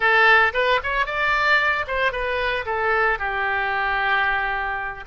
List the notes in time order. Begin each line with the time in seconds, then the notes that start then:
0.00 A4
0.53 B4
0.83 C#5
1.05 D5
1.87 C5
2.12 B4
2.65 A4
3.18 G4